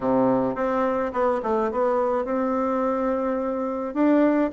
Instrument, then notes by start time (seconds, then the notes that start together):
bassoon
0.00 C3
0.55 C4
1.12 B3
1.42 A3
1.71 B3
2.24 C4
3.94 D4